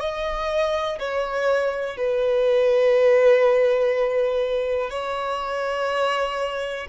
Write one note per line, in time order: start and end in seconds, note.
0.00 0.98 D#5
0.99 1.97 C#5
1.97 4.90 B4
4.90 6.87 C#5